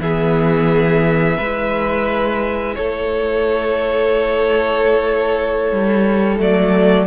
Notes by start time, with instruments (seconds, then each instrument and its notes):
0.00 cello E3, viola B3, violin G#4 E5
1.38 cello G#3, viola E4, violin B4
2.76 cello A3, violin A4 C#5
5.72 cello G3
6.38 cello F#3, viola A3, violin D5